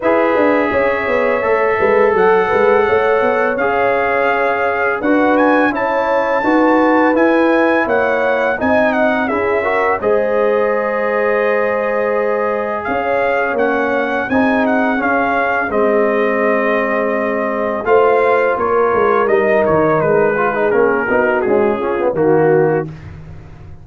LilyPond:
<<
  \new Staff \with { instrumentName = "trumpet" } { \time 4/4 \tempo 4 = 84 e''2. fis''4~ | fis''4 f''2 fis''8 gis''8 | a''2 gis''4 fis''4 | gis''8 fis''8 e''4 dis''2~ |
dis''2 f''4 fis''4 | gis''8 fis''8 f''4 dis''2~ | dis''4 f''4 cis''4 dis''8 cis''8 | b'4 ais'4 gis'4 fis'4 | }
  \new Staff \with { instrumentName = "horn" } { \time 4/4 b'4 cis''4. b'8 a'8 b'8 | cis''2. b'4 | cis''4 b'2 cis''4 | dis''4 gis'8 ais'8 c''2~ |
c''2 cis''2 | gis'1~ | gis'4 c''4 ais'2~ | ais'8 gis'4 fis'4 f'8 fis'4 | }
  \new Staff \with { instrumentName = "trombone" } { \time 4/4 gis'2 a'2~ | a'4 gis'2 fis'4 | e'4 fis'4 e'2 | dis'4 e'8 fis'8 gis'2~ |
gis'2. cis'4 | dis'4 cis'4 c'2~ | c'4 f'2 dis'4~ | dis'8 f'16 dis'16 cis'8 dis'8 gis8 cis'16 b16 ais4 | }
  \new Staff \with { instrumentName = "tuba" } { \time 4/4 e'8 d'8 cis'8 b8 a8 gis8 fis8 gis8 | a8 b8 cis'2 d'4 | cis'4 dis'4 e'4 ais4 | c'4 cis'4 gis2~ |
gis2 cis'4 ais4 | c'4 cis'4 gis2~ | gis4 a4 ais8 gis8 g8 dis8 | gis4 ais8 b8 cis'4 dis4 | }
>>